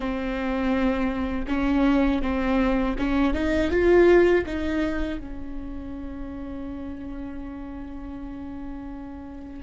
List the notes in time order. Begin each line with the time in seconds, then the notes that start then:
0.00 C4
1.47 C#4
2.22 C4
2.98 C#4
3.33 D#4
3.70 F4
4.45 D#4
5.20 C#4